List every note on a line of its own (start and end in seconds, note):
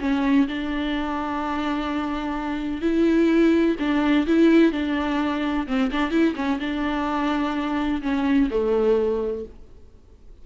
0.00 0.47 C#4
0.48 2.81 D4
2.81 3.76 E4
3.79 4.26 D4
4.26 4.72 E4
4.72 5.66 D4
5.67 5.91 C4
5.92 6.11 D4
6.11 6.34 E4
6.35 6.59 C#4
6.60 8.01 D4
8.02 8.49 C#4
8.50 9.45 A3